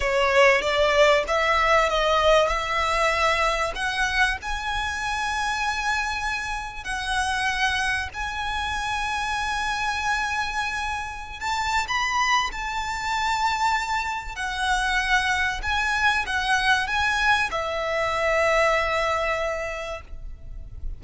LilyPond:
\new Staff \with { instrumentName = "violin" } { \time 4/4 \tempo 4 = 96 cis''4 d''4 e''4 dis''4 | e''2 fis''4 gis''4~ | gis''2. fis''4~ | fis''4 gis''2.~ |
gis''2~ gis''16 a''8. b''4 | a''2. fis''4~ | fis''4 gis''4 fis''4 gis''4 | e''1 | }